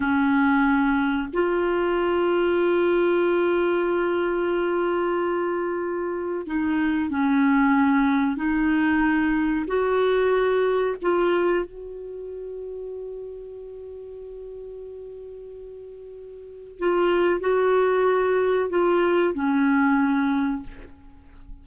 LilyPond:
\new Staff \with { instrumentName = "clarinet" } { \time 4/4 \tempo 4 = 93 cis'2 f'2~ | f'1~ | f'2 dis'4 cis'4~ | cis'4 dis'2 fis'4~ |
fis'4 f'4 fis'2~ | fis'1~ | fis'2 f'4 fis'4~ | fis'4 f'4 cis'2 | }